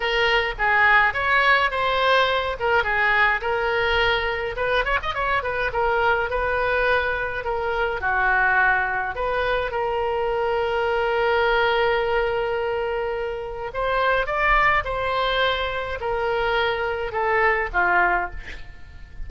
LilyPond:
\new Staff \with { instrumentName = "oboe" } { \time 4/4 \tempo 4 = 105 ais'4 gis'4 cis''4 c''4~ | c''8 ais'8 gis'4 ais'2 | b'8 cis''16 dis''16 cis''8 b'8 ais'4 b'4~ | b'4 ais'4 fis'2 |
b'4 ais'2.~ | ais'1 | c''4 d''4 c''2 | ais'2 a'4 f'4 | }